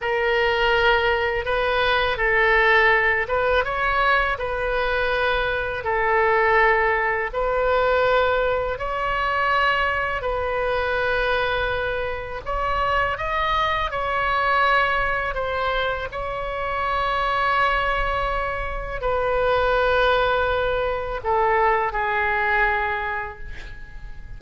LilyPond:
\new Staff \with { instrumentName = "oboe" } { \time 4/4 \tempo 4 = 82 ais'2 b'4 a'4~ | a'8 b'8 cis''4 b'2 | a'2 b'2 | cis''2 b'2~ |
b'4 cis''4 dis''4 cis''4~ | cis''4 c''4 cis''2~ | cis''2 b'2~ | b'4 a'4 gis'2 | }